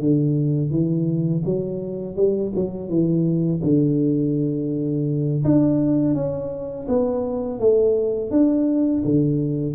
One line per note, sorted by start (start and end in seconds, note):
0.00 0.71 D3
0.71 1.43 E3
1.45 2.16 F#3
2.16 2.52 G3
2.56 2.89 F#3
2.89 3.61 E3
3.63 5.44 D3
5.44 6.15 D4
6.15 6.87 C#4
6.88 7.60 B3
7.60 8.31 A3
8.31 9.03 D4
9.05 9.75 D3